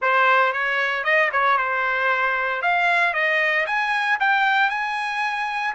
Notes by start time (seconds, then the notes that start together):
0.01 C5
0.52 C#5
1.04 D#5
1.31 C#5
1.57 C5
2.62 F5
3.13 D#5
3.66 G#5
4.20 G5
4.69 G#5